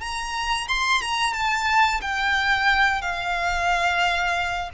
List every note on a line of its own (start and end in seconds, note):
0.00 0.67 A#5
0.68 1.01 C6
1.01 1.33 A#5
1.33 2.00 A5
2.01 3.01 G5
3.01 4.70 F5